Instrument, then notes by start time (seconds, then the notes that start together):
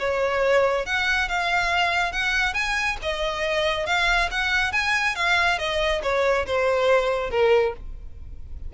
violin
0.00 C#5
0.87 F#5
1.29 F5
2.12 F#5
2.54 G#5
3.03 D#5
3.87 F5
4.32 F#5
4.73 G#5
5.16 F5
5.59 D#5
6.03 C#5
6.46 C5
7.31 A#4